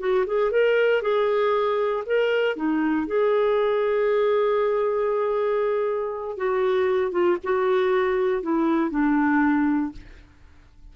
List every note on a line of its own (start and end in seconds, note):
0.00 0.25 F#4
0.27 0.51 G#4
0.51 1.02 A#4
1.02 2.04 G#4
2.06 2.56 A#4
2.56 3.07 D#4
3.07 6.37 G#4
6.37 7.12 F#4
7.12 7.37 F4
7.44 8.43 F#4
8.43 8.91 E4
8.91 9.92 D4